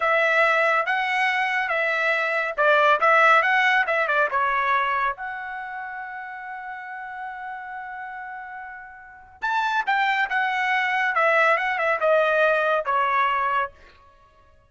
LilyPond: \new Staff \with { instrumentName = "trumpet" } { \time 4/4 \tempo 4 = 140 e''2 fis''2 | e''2 d''4 e''4 | fis''4 e''8 d''8 cis''2 | fis''1~ |
fis''1~ | fis''2 a''4 g''4 | fis''2 e''4 fis''8 e''8 | dis''2 cis''2 | }